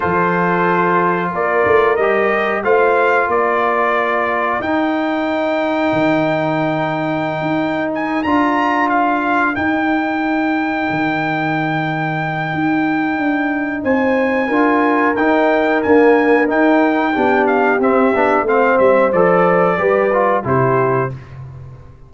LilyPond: <<
  \new Staff \with { instrumentName = "trumpet" } { \time 4/4 \tempo 4 = 91 c''2 d''4 dis''4 | f''4 d''2 g''4~ | g''1 | gis''8 ais''4 f''4 g''4.~ |
g''1~ | g''4 gis''2 g''4 | gis''4 g''4. f''8 e''4 | f''8 e''8 d''2 c''4 | }
  \new Staff \with { instrumentName = "horn" } { \time 4/4 a'2 ais'2 | c''4 ais'2.~ | ais'1~ | ais'1~ |
ais'1~ | ais'4 c''4 ais'2~ | ais'2 g'2 | c''2 b'4 g'4 | }
  \new Staff \with { instrumentName = "trombone" } { \time 4/4 f'2. g'4 | f'2. dis'4~ | dis'1~ | dis'8 f'2 dis'4.~ |
dis'1~ | dis'2 f'4 dis'4 | ais4 dis'4 d'4 c'8 d'8 | c'4 a'4 g'8 f'8 e'4 | }
  \new Staff \with { instrumentName = "tuba" } { \time 4/4 f2 ais8 a8 g4 | a4 ais2 dis'4~ | dis'4 dis2~ dis16 dis'8.~ | dis'8 d'2 dis'4.~ |
dis'8 dis2~ dis8 dis'4 | d'4 c'4 d'4 dis'4 | d'4 dis'4 b4 c'8 b8 | a8 g8 f4 g4 c4 | }
>>